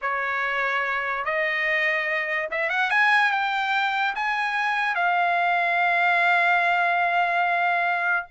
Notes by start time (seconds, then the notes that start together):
0.01 C#5
1.24 D#5
2.50 E5
2.69 F#5
2.90 G#5
3.31 G5
4.15 G#5
4.95 F5